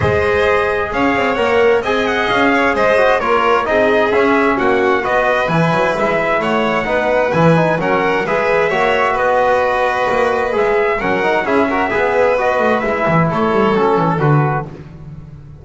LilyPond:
<<
  \new Staff \with { instrumentName = "trumpet" } { \time 4/4 \tempo 4 = 131 dis''2 f''4 fis''4 | gis''8 fis''8 f''4 dis''4 cis''4 | dis''4 e''4 fis''4 dis''4 | gis''4 e''4 fis''2 |
gis''4 fis''4 e''2 | dis''2. e''4 | fis''4 e''2 dis''4 | e''4 cis''4 a'4 b'4 | }
  \new Staff \with { instrumentName = "violin" } { \time 4/4 c''2 cis''2 | dis''4. cis''8 c''4 ais'4 | gis'2 fis'4 b'4~ | b'2 cis''4 b'4~ |
b'4 ais'4 b'4 cis''4 | b'1 | ais'4 gis'8 ais'8 b'2~ | b'4 a'2. | }
  \new Staff \with { instrumentName = "trombone" } { \time 4/4 gis'2. ais'4 | gis'2~ gis'8 fis'8 f'4 | dis'4 cis'2 fis'4 | e'2. dis'4 |
e'8 dis'8 cis'4 gis'4 fis'4~ | fis'2. gis'4 | cis'8 dis'8 e'8 fis'8 gis'4 fis'4 | e'2 cis'4 fis'4 | }
  \new Staff \with { instrumentName = "double bass" } { \time 4/4 gis2 cis'8 c'8 ais4 | c'4 cis'4 gis4 ais4 | c'4 cis'4 ais4 b4 | e8 fis8 gis4 a4 b4 |
e4 fis4 gis4 ais4 | b2 ais4 gis4 | fis4 cis'4 b4. a8 | gis8 e8 a8 g8 fis8 e8 d4 | }
>>